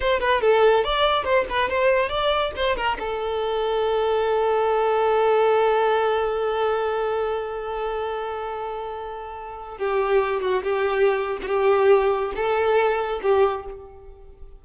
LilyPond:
\new Staff \with { instrumentName = "violin" } { \time 4/4 \tempo 4 = 141 c''8 b'8 a'4 d''4 c''8 b'8 | c''4 d''4 c''8 ais'8 a'4~ | a'1~ | a'1~ |
a'1~ | a'2. g'4~ | g'8 fis'8 g'4.~ g'16 fis'16 g'4~ | g'4 a'2 g'4 | }